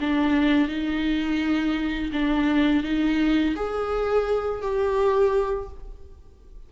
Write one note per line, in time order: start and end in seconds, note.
0.00 0.68 D4
0.68 2.11 D#4
2.12 2.83 D4
2.83 3.55 D#4
3.56 4.62 G#4
4.62 5.69 G4